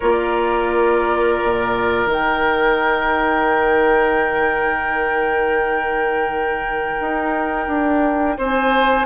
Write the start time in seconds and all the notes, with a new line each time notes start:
0.00 A#3 F4 A#4 D5
1.43 A#2
2.05 D#3 D#4
2.12 G5
7.00 D#4
7.67 D4
8.37 C4 C5 G#5